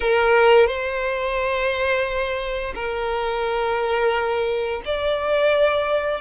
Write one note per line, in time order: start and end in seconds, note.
0.00 0.66 A#4
0.66 2.73 C5
2.75 4.82 A#4
4.85 6.21 D5